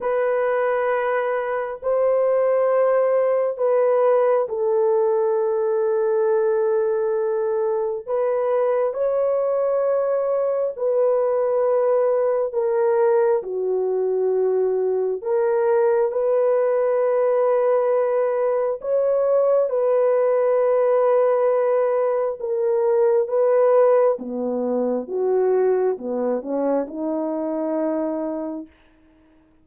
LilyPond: \new Staff \with { instrumentName = "horn" } { \time 4/4 \tempo 4 = 67 b'2 c''2 | b'4 a'2.~ | a'4 b'4 cis''2 | b'2 ais'4 fis'4~ |
fis'4 ais'4 b'2~ | b'4 cis''4 b'2~ | b'4 ais'4 b'4 b4 | fis'4 b8 cis'8 dis'2 | }